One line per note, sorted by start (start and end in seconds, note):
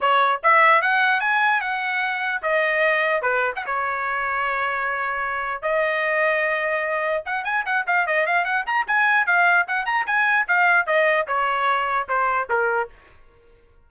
0.01 0.41 C#5
0.43 0.81 E5
0.81 1.20 F#5
1.20 1.60 G#5
1.60 2.41 F#5
2.42 3.22 D#5
3.22 3.52 B4
3.55 3.65 F#5
3.66 5.62 C#5
5.62 7.23 D#5
7.25 7.44 F#5
7.44 7.64 G#5
7.65 7.85 F#5
7.87 8.06 F5
8.06 8.26 D#5
8.26 8.44 F5
8.44 8.64 F#5
8.66 8.86 A#5
8.87 9.26 G#5
9.26 9.66 F5
9.67 9.85 F#5
9.85 10.05 A#5
10.06 10.46 G#5
10.47 10.86 F5
10.86 11.26 D#5
11.27 12.07 C#5
12.08 12.48 C5
12.49 12.89 A#4